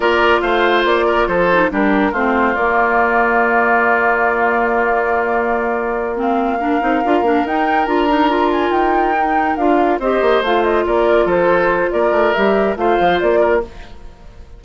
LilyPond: <<
  \new Staff \with { instrumentName = "flute" } { \time 4/4 \tempo 4 = 141 d''4 f''4 d''4 c''4 | ais'4 c''4 d''2~ | d''1~ | d''2~ d''8 f''4.~ |
f''4. g''4 ais''4. | gis''8 g''2 f''4 dis''8~ | dis''8 f''8 dis''8 d''4 c''4. | d''4 e''4 f''4 d''4 | }
  \new Staff \with { instrumentName = "oboe" } { \time 4/4 ais'4 c''4. ais'8 a'4 | g'4 f'2.~ | f'1~ | f'2.~ f'8 ais'8~ |
ais'1~ | ais'2.~ ais'8 c''8~ | c''4. ais'4 a'4. | ais'2 c''4. ais'8 | }
  \new Staff \with { instrumentName = "clarinet" } { \time 4/4 f'2.~ f'8 dis'8 | d'4 c'4 ais2~ | ais1~ | ais2~ ais8 c'4 d'8 |
dis'8 f'8 d'8 dis'4 f'8 dis'8 f'8~ | f'4. dis'4 f'4 g'8~ | g'8 f'2.~ f'8~ | f'4 g'4 f'2 | }
  \new Staff \with { instrumentName = "bassoon" } { \time 4/4 ais4 a4 ais4 f4 | g4 a4 ais2~ | ais1~ | ais1 |
c'8 d'8 ais8 dis'4 d'4.~ | d'8 dis'2 d'4 c'8 | ais8 a4 ais4 f4. | ais8 a8 g4 a8 f8 ais4 | }
>>